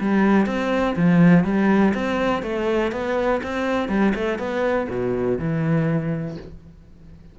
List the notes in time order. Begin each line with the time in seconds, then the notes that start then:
0.00 G3
0.46 C4
0.96 F3
1.44 G3
1.94 C4
2.43 A3
2.92 B3
3.43 C4
3.89 G3
4.15 A3
4.39 B3
4.90 B2
5.39 E3